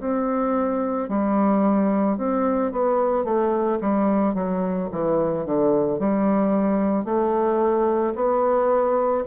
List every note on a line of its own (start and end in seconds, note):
0.00 1.09 C4
1.09 2.18 G3
2.18 2.72 C4
2.72 3.25 B3
3.25 3.79 A3
3.81 4.35 G3
4.35 4.89 F#3
4.92 5.46 E3
5.46 6.00 D3
6.00 7.05 G3
7.05 8.14 A3
8.16 9.25 B3